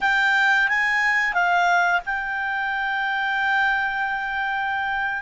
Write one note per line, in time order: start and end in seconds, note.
0.00 0.68 G5
0.68 1.33 G#5
1.33 2.00 F5
2.05 5.22 G5